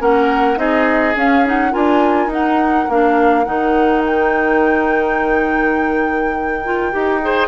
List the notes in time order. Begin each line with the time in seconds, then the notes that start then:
0.00 A#3 C#4 A#4 F#5
0.56 C4 D#4 G#4 D#5
1.15 C#4 F5
1.46 D#4 F#5
1.72 D4 F4 A#4 G#5
2.27 D#4 F#5
2.89 A#3 D4 F5
3.45 D#3 D#4 F#5
4.06 G5
6.65 F4
6.92 D#4 G4
7.22 G#4 C5